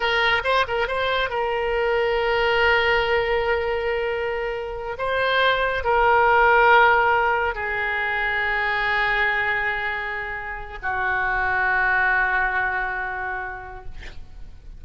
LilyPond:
\new Staff \with { instrumentName = "oboe" } { \time 4/4 \tempo 4 = 139 ais'4 c''8 ais'8 c''4 ais'4~ | ais'1~ | ais'2.~ ais'8 c''8~ | c''4. ais'2~ ais'8~ |
ais'4. gis'2~ gis'8~ | gis'1~ | gis'4 fis'2.~ | fis'1 | }